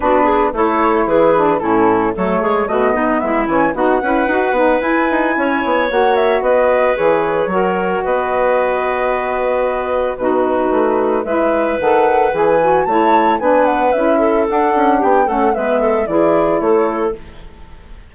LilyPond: <<
  \new Staff \with { instrumentName = "flute" } { \time 4/4 \tempo 4 = 112 b'4 cis''4 b'4 a'4 | cis''4 dis''4 e''8 gis''8 fis''4~ | fis''4 gis''2 fis''8 e''8 | dis''4 cis''2 dis''4~ |
dis''2. b'4~ | b'4 e''4 fis''4 gis''4 | a''4 gis''8 fis''8 e''4 fis''4 | g''8 fis''8 e''4 d''4 cis''4 | }
  \new Staff \with { instrumentName = "clarinet" } { \time 4/4 fis'8 gis'8 a'4 gis'4 e'4 | a'8 gis'8 fis'8 dis'8 e'4 fis'8 b'8~ | b'2 cis''2 | b'2 ais'4 b'4~ |
b'2. fis'4~ | fis'4 b'2. | cis''4 b'4. a'4. | g'8 a'8 b'8 a'8 gis'4 a'4 | }
  \new Staff \with { instrumentName = "saxophone" } { \time 4/4 d'4 e'4. d'8 cis'4 | a4 b4. cis'8 dis'8 e'8 | fis'8 dis'8 e'2 fis'4~ | fis'4 gis'4 fis'2~ |
fis'2. dis'4~ | dis'4 e'4 a'4 gis'8 fis'8 | e'4 d'4 e'4 d'4~ | d'8 cis'8 b4 e'2 | }
  \new Staff \with { instrumentName = "bassoon" } { \time 4/4 b4 a4 e4 a,4 | fis8 gis8 a8 b8 gis8 e8 b8 cis'8 | dis'8 b8 e'8 dis'8 cis'8 b8 ais4 | b4 e4 fis4 b4~ |
b2. b,4 | a4 gis4 dis4 e4 | a4 b4 cis'4 d'8 cis'8 | b8 a8 gis4 e4 a4 | }
>>